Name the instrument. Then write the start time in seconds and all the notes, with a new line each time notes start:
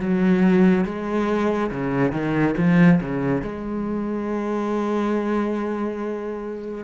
cello
0.00 F#3
0.85 G#3
1.71 C#3
2.12 D#3
2.58 F3
3.01 C#3
3.42 G#3